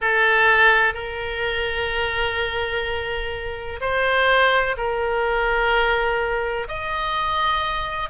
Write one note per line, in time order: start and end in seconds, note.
0.01 0.94 A4
0.94 3.79 A#4
3.80 4.76 C5
4.77 6.67 A#4
6.68 8.09 D#5